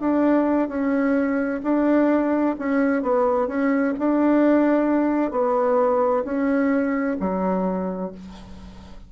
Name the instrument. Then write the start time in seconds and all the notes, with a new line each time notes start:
bassoon
0.00 D4
0.68 C#4
1.63 D4
2.59 C#4
3.03 B3
3.47 C#4
3.99 D4
5.31 B3
6.24 C#4
7.20 F#3